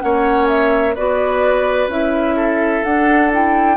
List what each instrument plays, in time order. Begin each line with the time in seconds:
0.00 bassoon A#3, clarinet C#4, oboe C#5, flute F#5
0.48 flute E5
0.95 bassoon B3, clarinet F#4, oboe B4, flute D5
1.87 bassoon C#4, clarinet E4, flute E5
2.36 oboe A4
2.84 clarinet D4, bassoon D4, flute F#5
3.32 clarinet E4, flute G5